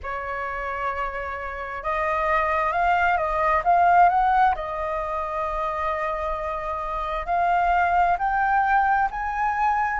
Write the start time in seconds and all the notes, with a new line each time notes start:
0.02 C#5
1.83 D#5
2.72 F5
3.17 D#5
3.64 F5
4.09 F#5
4.55 D#5
7.26 F5
8.18 G5
9.10 G#5